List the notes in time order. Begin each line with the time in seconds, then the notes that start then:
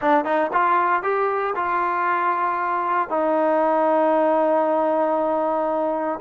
0.01 D4
0.24 D#4
0.52 F4
1.02 G4
1.55 F4
3.09 D#4